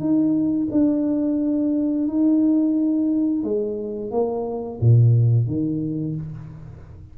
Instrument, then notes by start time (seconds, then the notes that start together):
tuba
0.00 D#4
0.72 D4
2.08 D#4
3.43 G#3
4.11 A#3
4.81 A#2
5.47 D#3